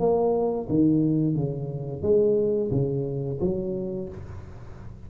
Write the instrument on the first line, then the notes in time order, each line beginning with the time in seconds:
tuba
0.00 A#3
0.69 D#3
1.35 C#3
2.03 G#3
2.71 C#3
3.41 F#3